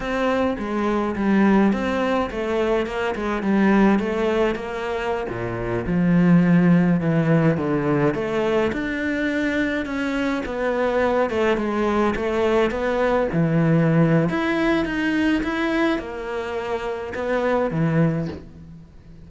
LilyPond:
\new Staff \with { instrumentName = "cello" } { \time 4/4 \tempo 4 = 105 c'4 gis4 g4 c'4 | a4 ais8 gis8 g4 a4 | ais4~ ais16 ais,4 f4.~ f16~ | f16 e4 d4 a4 d'8.~ |
d'4~ d'16 cis'4 b4. a16~ | a16 gis4 a4 b4 e8.~ | e4 e'4 dis'4 e'4 | ais2 b4 e4 | }